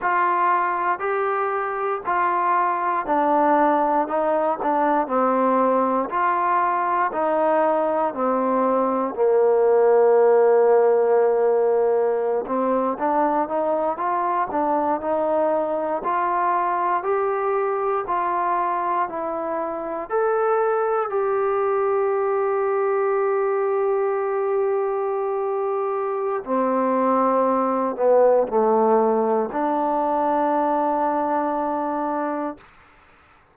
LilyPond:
\new Staff \with { instrumentName = "trombone" } { \time 4/4 \tempo 4 = 59 f'4 g'4 f'4 d'4 | dis'8 d'8 c'4 f'4 dis'4 | c'4 ais2.~ | ais16 c'8 d'8 dis'8 f'8 d'8 dis'4 f'16~ |
f'8. g'4 f'4 e'4 a'16~ | a'8. g'2.~ g'16~ | g'2 c'4. b8 | a4 d'2. | }